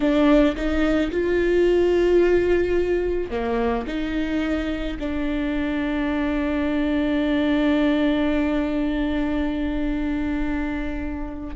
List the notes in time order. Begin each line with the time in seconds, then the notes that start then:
0.00 D4
0.56 D#4
1.11 F4
3.30 A#3
3.87 D#4
4.99 D4